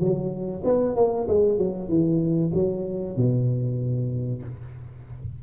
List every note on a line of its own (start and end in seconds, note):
0.00 0.63 F#3
0.64 0.95 B3
0.95 1.27 A#3
1.28 1.58 G#3
1.58 1.89 F#3
1.89 2.52 E3
2.53 3.16 F#3
3.16 4.42 B2